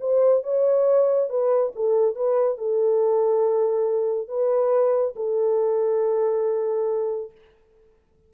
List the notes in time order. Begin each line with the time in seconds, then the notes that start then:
0.00 C5
0.43 C#5
1.29 B4
1.75 A4
2.15 B4
2.58 A4
4.28 B4
5.16 A4